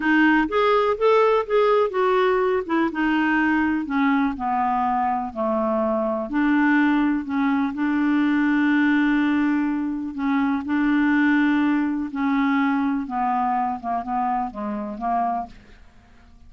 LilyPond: \new Staff \with { instrumentName = "clarinet" } { \time 4/4 \tempo 4 = 124 dis'4 gis'4 a'4 gis'4 | fis'4. e'8 dis'2 | cis'4 b2 a4~ | a4 d'2 cis'4 |
d'1~ | d'4 cis'4 d'2~ | d'4 cis'2 b4~ | b8 ais8 b4 gis4 ais4 | }